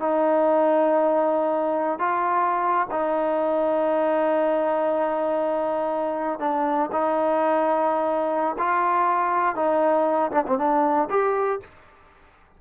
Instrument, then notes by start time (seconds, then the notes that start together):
trombone
0.00 D#4
1.99 F4
2.91 D#4
6.40 D4
6.93 D#4
8.59 F4
9.56 D#4
10.32 D4
10.48 C4
10.59 D4
11.10 G4